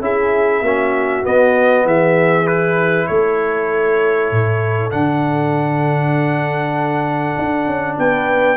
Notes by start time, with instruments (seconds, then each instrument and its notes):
0.00 tuba C#4, trombone E4, horn G#4, trumpet E5
0.61 tuba A#3, trombone C#4, horn F#4
1.23 trombone B3, tuba B3, trumpet D#5
1.85 tuba E3, horn G#4, trumpet E5
2.45 trombone E4, trumpet B4
3.07 tuba A3, horn A4, trumpet C#5
4.31 tuba A2
4.91 tuba D3, trombone D4, trumpet F#5
7.38 tuba D4
7.66 tuba C#4
7.98 tuba B3, horn B4, trumpet G5